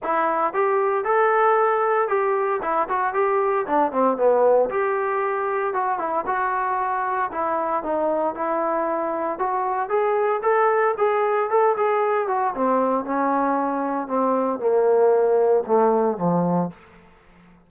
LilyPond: \new Staff \with { instrumentName = "trombone" } { \time 4/4 \tempo 4 = 115 e'4 g'4 a'2 | g'4 e'8 fis'8 g'4 d'8 c'8 | b4 g'2 fis'8 e'8 | fis'2 e'4 dis'4 |
e'2 fis'4 gis'4 | a'4 gis'4 a'8 gis'4 fis'8 | c'4 cis'2 c'4 | ais2 a4 f4 | }